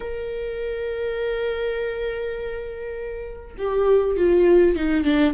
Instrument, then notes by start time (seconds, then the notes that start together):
viola
0.00 A#4
3.58 G4
4.16 F4
4.76 D#4
5.04 D4